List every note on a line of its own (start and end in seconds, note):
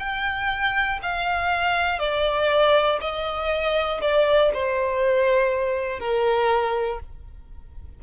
0.00 1.00 G5
1.03 2.00 F5
2.00 3.00 D5
3.01 4.01 D#5
4.01 4.51 D5
4.54 6.00 C5
6.00 7.00 A#4